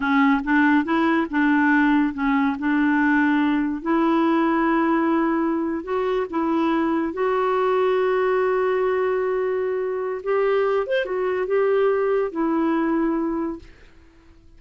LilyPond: \new Staff \with { instrumentName = "clarinet" } { \time 4/4 \tempo 4 = 141 cis'4 d'4 e'4 d'4~ | d'4 cis'4 d'2~ | d'4 e'2.~ | e'4.~ e'16 fis'4 e'4~ e'16~ |
e'8. fis'2.~ fis'16~ | fis'1 | g'4. c''8 fis'4 g'4~ | g'4 e'2. | }